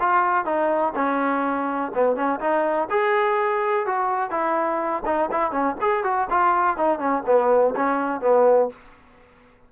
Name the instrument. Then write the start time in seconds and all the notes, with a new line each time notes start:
trombone
0.00 F4
0.45 D#4
0.95 C#4
1.95 B3
2.16 C#4
2.40 D#4
2.90 G#4
3.86 F#4
4.31 E4
5.06 D#4
5.32 E4
5.52 C#4
5.81 G#4
6.04 F#4
6.31 F4
6.77 D#4
6.99 C#4
7.26 B3
7.76 C#4
8.21 B3